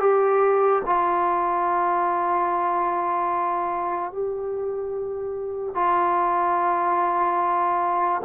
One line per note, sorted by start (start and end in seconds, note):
0.00 0.82 G4
0.86 4.12 F4
4.12 5.75 G4
5.75 8.22 F4